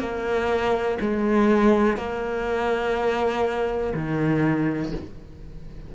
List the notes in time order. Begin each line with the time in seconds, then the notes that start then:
0.00 A#3
1.01 G#3
1.97 A#3
3.94 D#3